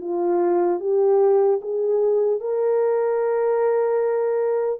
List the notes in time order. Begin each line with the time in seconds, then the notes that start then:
0.00 F4
0.80 G4
1.61 G#4
2.40 A#4